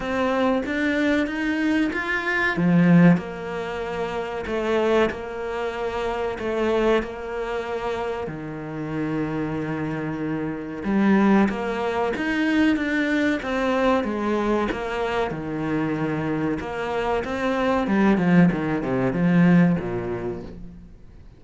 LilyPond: \new Staff \with { instrumentName = "cello" } { \time 4/4 \tempo 4 = 94 c'4 d'4 dis'4 f'4 | f4 ais2 a4 | ais2 a4 ais4~ | ais4 dis2.~ |
dis4 g4 ais4 dis'4 | d'4 c'4 gis4 ais4 | dis2 ais4 c'4 | g8 f8 dis8 c8 f4 ais,4 | }